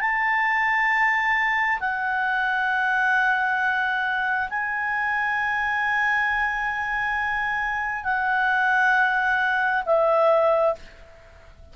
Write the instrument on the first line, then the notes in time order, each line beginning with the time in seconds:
clarinet
0.00 A5
1.80 F#5
4.49 G#5
8.04 F#5
9.85 E5